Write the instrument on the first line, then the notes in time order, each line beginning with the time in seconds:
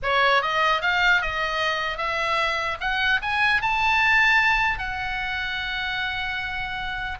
oboe
0.02 C#5
0.42 D#5
0.81 F5
1.21 D#5
1.97 E5
2.80 F#5
3.22 G#5
3.61 A5
4.78 F#5